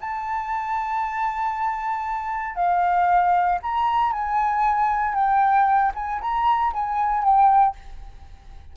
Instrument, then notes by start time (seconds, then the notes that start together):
flute
0.00 A5
2.55 F5
3.62 A#5
4.12 G#5
5.14 G5
5.95 G#5
6.21 A#5
6.73 G#5
7.23 G5